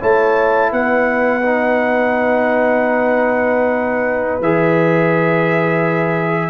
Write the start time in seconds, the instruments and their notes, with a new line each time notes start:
0.00 tuba A3, trombone E4, horn C#5, trumpet A5
0.72 tuba B3, horn B4, trumpet F#5
1.42 trombone D#4
4.41 tuba E3, trombone G#4, trumpet E5